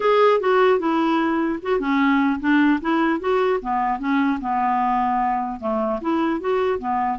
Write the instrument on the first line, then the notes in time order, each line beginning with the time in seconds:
clarinet
0.00 G#4
0.40 F#4
0.79 E4
1.62 F#4
1.79 C#4
2.39 D4
2.81 E4
3.20 F#4
3.61 B3
3.99 C#4
4.41 B3
5.60 A3
6.01 E4
6.40 F#4
6.79 B3